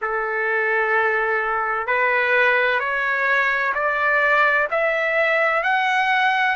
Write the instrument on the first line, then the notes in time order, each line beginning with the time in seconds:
trumpet
0.01 A4
1.86 B4
2.79 C#5
3.74 D5
4.70 E5
5.62 F#5